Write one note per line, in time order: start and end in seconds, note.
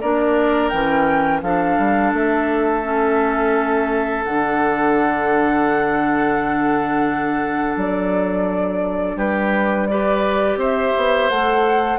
0.00 0.72 A#3
0.00 0.72 D4
0.00 1.41 A#4
0.00 0.69 D5
0.69 1.42 E3
0.69 1.42 C#4
0.69 1.40 G5
1.42 1.77 F3
1.42 2.82 D4
1.42 9.16 A4
1.42 2.12 F5
1.78 2.12 G3
2.12 4.24 A3
2.12 4.24 E5
2.82 4.24 C#4
4.24 7.76 D3
4.24 9.90 D4
4.24 7.76 F#5
7.76 9.15 F#3
7.76 9.18 D5
9.15 10.56 G3
9.15 9.87 G4
9.15 9.87 B4
9.87 11.31 G4
9.87 10.59 B4
9.87 10.57 D5
10.56 10.91 C4
10.56 11.98 C5
10.56 11.29 E5
10.96 11.29 B3
11.29 11.98 A3
11.29 11.98 A4
11.29 11.98 F#5